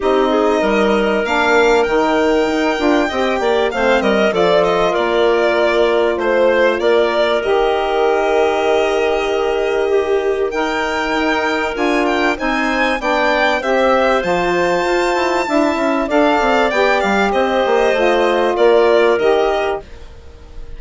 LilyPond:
<<
  \new Staff \with { instrumentName = "violin" } { \time 4/4 \tempo 4 = 97 dis''2 f''4 g''4~ | g''2 f''8 dis''8 d''8 dis''8 | d''2 c''4 d''4 | dis''1~ |
dis''4 g''2 gis''8 g''8 | gis''4 g''4 e''4 a''4~ | a''2 f''4 g''8 f''8 | dis''2 d''4 dis''4 | }
  \new Staff \with { instrumentName = "clarinet" } { \time 4/4 g'8 gis'8 ais'2.~ | ais'4 dis''8 d''8 c''8 ais'8 a'4 | ais'2 c''4 ais'4~ | ais'1 |
g'4 ais'2. | c''4 d''4 c''2~ | c''4 e''4 d''2 | c''2 ais'2 | }
  \new Staff \with { instrumentName = "saxophone" } { \time 4/4 dis'2 d'4 dis'4~ | dis'8 f'8 g'4 c'4 f'4~ | f'1 | g'1~ |
g'4 dis'2 f'4 | dis'4 d'4 g'4 f'4~ | f'4 e'4 a'4 g'4~ | g'4 f'2 g'4 | }
  \new Staff \with { instrumentName = "bassoon" } { \time 4/4 c'4 g4 ais4 dis4 | dis'8 d'8 c'8 ais8 a8 g8 f4 | ais2 a4 ais4 | dis1~ |
dis2 dis'4 d'4 | c'4 b4 c'4 f4 | f'8 e'8 d'8 cis'8 d'8 c'8 b8 g8 | c'8 ais8 a4 ais4 dis4 | }
>>